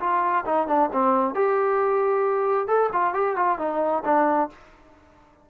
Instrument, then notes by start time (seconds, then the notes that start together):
trombone
0.00 F4
0.46 D#4
0.68 D4
0.93 C4
1.35 G4
2.68 A4
2.93 F4
3.14 G4
3.36 F4
3.59 D#4
4.05 D4